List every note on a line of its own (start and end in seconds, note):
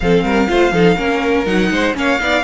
0.00 0.23 F3
0.00 0.48 C4
0.00 0.24 A4
0.00 1.45 F5
0.23 0.47 G3
0.23 0.48 A#4
0.48 0.71 A3
0.48 0.72 F4
0.48 0.72 C5
0.71 0.96 F3
0.71 0.97 D#4
0.71 0.97 A4
0.97 1.45 A#3
0.97 1.45 C#4
0.97 1.70 A#4
1.45 1.70 F#3
1.45 1.93 D#4
1.45 1.94 F#5
1.70 1.95 G#3
1.70 1.96 C5
1.93 2.19 A#3
1.93 2.18 C#4
1.93 2.21 C#5
1.93 2.43 F5
2.19 2.43 B3
2.19 2.43 D#4
2.19 2.43 D5